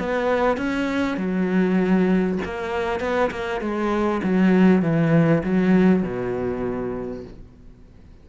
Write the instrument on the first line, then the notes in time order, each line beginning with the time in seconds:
cello
0.00 B3
0.58 C#4
1.17 F#3
2.45 A#3
3.01 B3
3.31 A#3
3.61 G#3
4.24 F#3
4.82 E3
5.44 F#3
6.03 B2